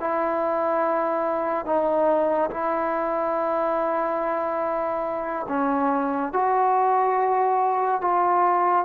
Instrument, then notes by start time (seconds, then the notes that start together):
trombone
0.00 E4
1.66 D#4
2.50 E4
5.48 C#4
6.33 F#4
8.01 F4